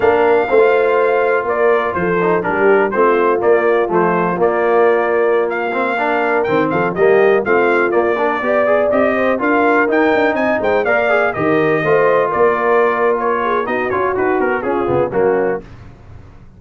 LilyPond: <<
  \new Staff \with { instrumentName = "trumpet" } { \time 4/4 \tempo 4 = 123 f''2. d''4 | c''4 ais'4 c''4 d''4 | c''4 d''2~ d''16 f''8.~ | f''4~ f''16 g''8 f''8 dis''4 f''8.~ |
f''16 d''2 dis''4 f''8.~ | f''16 g''4 gis''8 g''8 f''4 dis''8.~ | dis''4~ dis''16 d''4.~ d''16 cis''4 | dis''8 cis''8 b'8 ais'8 gis'4 fis'4 | }
  \new Staff \with { instrumentName = "horn" } { \time 4/4 ais'4 c''2 ais'4 | a'4 g'4 f'2~ | f'1~ | f'16 ais'4. a'8 g'4 f'8.~ |
f'8. ais'8 d''4. c''8 ais'8.~ | ais'4~ ais'16 dis''8 c''8 d''4 ais'8.~ | ais'16 c''4 ais'2~ ais'16 gis'8 | fis'2 f'4 cis'4 | }
  \new Staff \with { instrumentName = "trombone" } { \time 4/4 d'4 c'16 f'2~ f'8.~ | f'8 dis'8 d'4 c'4 ais4 | a4 ais2~ ais8. c'16~ | c'16 d'4 c'4 ais4 c'8.~ |
c'16 ais8 d'8 g'8 gis'8 g'4 f'8.~ | f'16 dis'2 ais'8 gis'8 g'8.~ | g'16 f'2.~ f'8. | dis'8 f'8 fis'4 cis'8 b8 ais4 | }
  \new Staff \with { instrumentName = "tuba" } { \time 4/4 ais4 a2 ais4 | f4 g4 a4 ais4 | f4 ais2.~ | ais4~ ais16 dis8 f8 g4 a8.~ |
a16 ais4 b4 c'4 d'8.~ | d'16 dis'8 d'8 c'8 gis8 ais4 dis8.~ | dis16 a4 ais2~ ais8. | b8 cis'8 dis'8 b8 cis'8 cis8 fis4 | }
>>